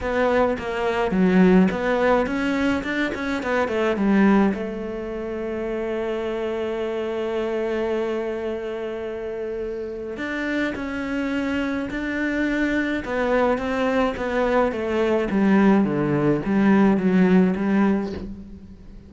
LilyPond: \new Staff \with { instrumentName = "cello" } { \time 4/4 \tempo 4 = 106 b4 ais4 fis4 b4 | cis'4 d'8 cis'8 b8 a8 g4 | a1~ | a1~ |
a2 d'4 cis'4~ | cis'4 d'2 b4 | c'4 b4 a4 g4 | d4 g4 fis4 g4 | }